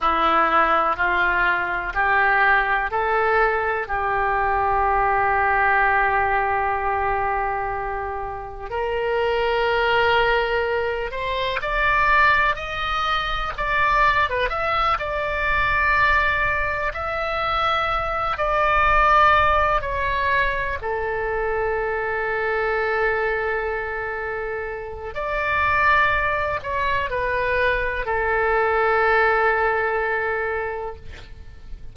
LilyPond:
\new Staff \with { instrumentName = "oboe" } { \time 4/4 \tempo 4 = 62 e'4 f'4 g'4 a'4 | g'1~ | g'4 ais'2~ ais'8 c''8 | d''4 dis''4 d''8. b'16 e''8 d''8~ |
d''4. e''4. d''4~ | d''8 cis''4 a'2~ a'8~ | a'2 d''4. cis''8 | b'4 a'2. | }